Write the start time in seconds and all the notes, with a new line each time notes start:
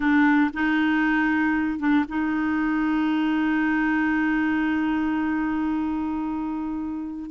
0.00 D4
0.53 D#4
1.79 D4
2.08 D#4